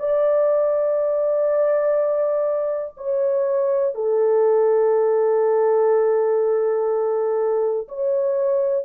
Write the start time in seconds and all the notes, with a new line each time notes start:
0.00 D5
2.97 C#5
3.95 A4
7.89 C#5